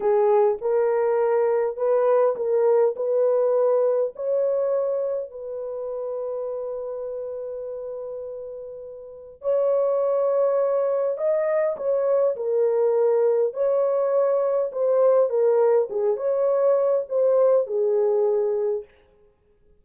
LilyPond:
\new Staff \with { instrumentName = "horn" } { \time 4/4 \tempo 4 = 102 gis'4 ais'2 b'4 | ais'4 b'2 cis''4~ | cis''4 b'2.~ | b'1 |
cis''2. dis''4 | cis''4 ais'2 cis''4~ | cis''4 c''4 ais'4 gis'8 cis''8~ | cis''4 c''4 gis'2 | }